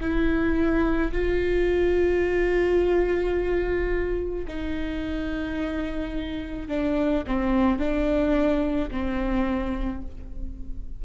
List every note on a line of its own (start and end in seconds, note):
0.00 1.11 E4
1.12 4.45 F4
4.47 6.68 D#4
6.68 7.23 D4
7.26 7.78 C4
7.78 8.89 D4
8.90 10.02 C4